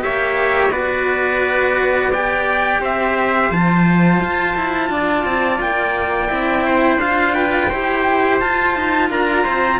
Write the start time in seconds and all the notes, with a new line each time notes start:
0.00 A#3 G4 C#5 E5
0.69 B3 F#4 B4 D5
2.10 G4 D5 G5
2.80 C4 C5 E5
3.50 F3 F4 A5
4.20 F4
4.55 E4
4.89 D4 D5
5.24 C4
5.60 A#3 G5
6.29 C4 E4
6.65 C5
6.95 D4 F4 F5
7.34 B4 G5
7.69 E4 G4 C5
8.40 F4 A5
8.75 D#4
9.10 D4 A#4 A#5
9.43 C4 C5